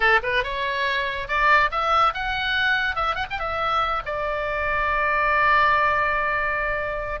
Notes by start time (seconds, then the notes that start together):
0.00 A4
0.22 B4
0.43 C#5
1.28 D5
1.71 E5
2.14 F#5
2.95 E5
3.15 F#5
3.30 G5
3.39 E5
4.05 D5